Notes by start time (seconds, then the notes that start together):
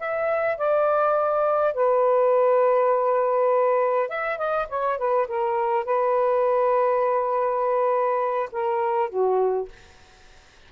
0.00 E5
0.58 D5
1.74 B4
4.09 E5
4.38 D#5
4.69 C#5
4.98 B4
5.28 A#4
5.85 B4
8.52 A#4
9.10 F#4